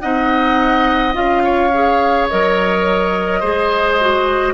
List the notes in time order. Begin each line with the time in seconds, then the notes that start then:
0.00 C4 D#4 D#5 F#5
1.13 C#4 F4 F5
1.44 C#5
1.74 G#4
2.29 F#3 A#4 D#5
3.40 G#3 G#4 C5
4.00 F#4